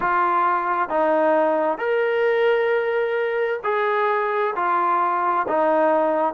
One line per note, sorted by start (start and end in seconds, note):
0.00 0.89 F4
0.89 1.78 D#4
1.78 3.60 A#4
3.63 4.54 G#4
4.55 5.46 F4
5.48 6.33 D#4